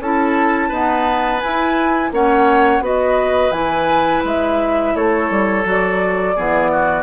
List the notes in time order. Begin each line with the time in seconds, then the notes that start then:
0.00 C#4 E4 A4 A5
0.69 B3 D#4 B4
1.41 E4 G#5
2.12 A#3 C#4 C#5 F#5
2.81 B3 F#4 B4 D#5
3.51 E3 E4 G#5
4.24 G#3 E5
4.95 A3 A4 C#5
5.31 G3
5.64 F#3 F#4 D5
6.36 E3 B3 G#4
6.72 F#4